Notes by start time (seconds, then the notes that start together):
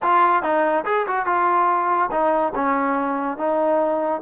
0.02 F4
0.42 D#4
0.85 G#4
1.07 F#4
1.26 F4
2.11 D#4
2.54 C#4
3.37 D#4